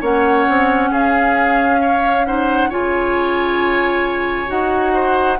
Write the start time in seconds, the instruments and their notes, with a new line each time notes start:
0.00 bassoon A#3, clarinet C#4, oboe C#5, flute F#5
0.49 bassoon C4
0.90 bassoon C#4, oboe G#4, flute F5
1.81 oboe C#5
2.25 clarinet D#4, oboe C5, flute F#5
2.69 bassoon C#3, clarinet F4, oboe C#5, flute G#5
4.46 bassoon D#4, clarinet F#4, flute F#5
4.93 oboe C5